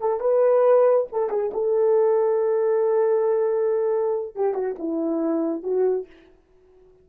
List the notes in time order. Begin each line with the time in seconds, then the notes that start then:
0.00 A4
0.20 B4
1.12 A4
1.29 G#4
1.53 A4
4.35 G4
4.54 F#4
4.78 E4
5.63 F#4